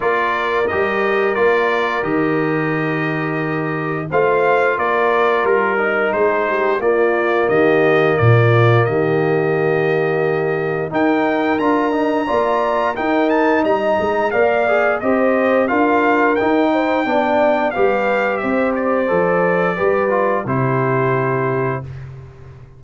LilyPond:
<<
  \new Staff \with { instrumentName = "trumpet" } { \time 4/4 \tempo 4 = 88 d''4 dis''4 d''4 dis''4~ | dis''2 f''4 d''4 | ais'4 c''4 d''4 dis''4 | d''4 dis''2. |
g''4 ais''2 g''8 a''8 | ais''4 f''4 dis''4 f''4 | g''2 f''4 e''8 d''8~ | d''2 c''2 | }
  \new Staff \with { instrumentName = "horn" } { \time 4/4 ais'1~ | ais'2 c''4 ais'4~ | ais'4 gis'8 g'8 f'4 g'4 | f'4 g'2. |
ais'2 d''4 ais'4 | dis''4 d''4 c''4 ais'4~ | ais'8 c''8 d''4 b'4 c''4~ | c''4 b'4 g'2 | }
  \new Staff \with { instrumentName = "trombone" } { \time 4/4 f'4 g'4 f'4 g'4~ | g'2 f'2~ | f'8 dis'4. ais2~ | ais1 |
dis'4 f'8 dis'8 f'4 dis'4~ | dis'4 ais'8 gis'8 g'4 f'4 | dis'4 d'4 g'2 | a'4 g'8 f'8 e'2 | }
  \new Staff \with { instrumentName = "tuba" } { \time 4/4 ais4 g4 ais4 dis4~ | dis2 a4 ais4 | g4 gis4 ais4 dis4 | ais,4 dis2. |
dis'4 d'4 ais4 dis'4 | g8 gis8 ais4 c'4 d'4 | dis'4 b4 g4 c'4 | f4 g4 c2 | }
>>